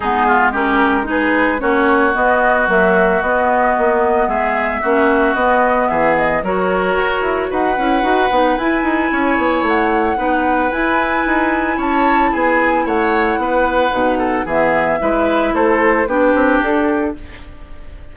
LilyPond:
<<
  \new Staff \with { instrumentName = "flute" } { \time 4/4 \tempo 4 = 112 gis'4 ais'4 b'4 cis''4 | dis''4 e''4 dis''2 | e''2 dis''4 e''8 dis''8 | cis''2 fis''2 |
gis''2 fis''2 | gis''2 a''4 gis''4 | fis''2. e''4~ | e''4 c''4 b'4 a'4 | }
  \new Staff \with { instrumentName = "oboe" } { \time 4/4 dis'8 f'8 g'4 gis'4 fis'4~ | fis'1 | gis'4 fis'2 gis'4 | ais'2 b'2~ |
b'4 cis''2 b'4~ | b'2 cis''4 gis'4 | cis''4 b'4. a'8 gis'4 | b'4 a'4 g'2 | }
  \new Staff \with { instrumentName = "clarinet" } { \time 4/4 b4 cis'4 dis'4 cis'4 | b4 fis4 b2~ | b4 cis'4 b2 | fis'2~ fis'8 e'8 fis'8 dis'8 |
e'2. dis'4 | e'1~ | e'2 dis'4 b4 | e'2 d'2 | }
  \new Staff \with { instrumentName = "bassoon" } { \time 4/4 gis2. ais4 | b4 ais4 b4 ais4 | gis4 ais4 b4 e4 | fis4 fis'8 e'8 dis'8 cis'8 dis'8 b8 |
e'8 dis'8 cis'8 b8 a4 b4 | e'4 dis'4 cis'4 b4 | a4 b4 b,4 e4 | gis4 a4 b8 c'8 d'4 | }
>>